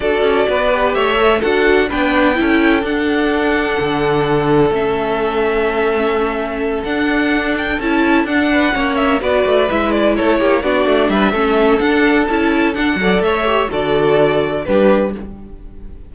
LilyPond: <<
  \new Staff \with { instrumentName = "violin" } { \time 4/4 \tempo 4 = 127 d''2 e''4 fis''4 | g''2 fis''2~ | fis''2 e''2~ | e''2~ e''8 fis''4. |
g''8 a''4 fis''4. e''8 d''8~ | d''8 e''8 d''8 cis''4 d''4 e''8~ | e''4 fis''4 a''4 fis''4 | e''4 d''2 b'4 | }
  \new Staff \with { instrumentName = "violin" } { \time 4/4 a'4 b'4 cis''4 a'4 | b'4 a'2.~ | a'1~ | a'1~ |
a'2 b'8 cis''4 b'8~ | b'4. a'8 g'8 fis'4 b'8 | a'2.~ a'8 d''8 | cis''4 a'2 g'4 | }
  \new Staff \with { instrumentName = "viola" } { \time 4/4 fis'4. g'4 a'8 fis'4 | d'4 e'4 d'2~ | d'2 cis'2~ | cis'2~ cis'8 d'4.~ |
d'8 e'4 d'4 cis'4 fis'8~ | fis'8 e'2 d'4. | cis'4 d'4 e'4 d'8 a'8~ | a'8 g'8 fis'2 d'4 | }
  \new Staff \with { instrumentName = "cello" } { \time 4/4 d'8 cis'8 b4 a4 d'4 | b4 cis'4 d'2 | d2 a2~ | a2~ a8 d'4.~ |
d'8 cis'4 d'4 ais4 b8 | a8 gis4 a8 ais8 b8 a8 g8 | a4 d'4 cis'4 d'8 fis8 | a4 d2 g4 | }
>>